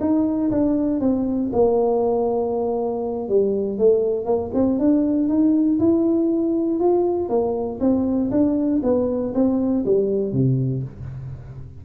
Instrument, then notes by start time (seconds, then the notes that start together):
tuba
0.00 D#4
0.51 D4
1.00 C4
1.52 A#3
3.28 G3
3.78 A3
4.25 A#3
4.54 C4
4.79 D4
5.28 D#4
5.79 E4
6.79 F4
7.29 A#3
7.80 C4
8.31 D4
8.83 B3
9.34 C4
9.85 G3
10.32 C3